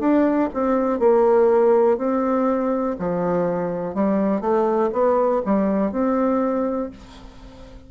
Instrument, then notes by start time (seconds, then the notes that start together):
bassoon
0.00 D4
0.54 C4
1.00 A#3
1.98 C4
3.00 F3
3.95 G3
4.41 A3
4.93 B3
5.45 G3
5.92 C4